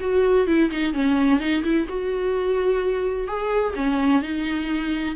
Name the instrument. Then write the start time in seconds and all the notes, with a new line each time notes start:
viola
0.00 F#4
0.47 E4
0.71 D#4
0.93 C#4
1.40 D#4
1.63 E4
1.88 F#4
3.27 G#4
3.75 C#4
4.22 D#4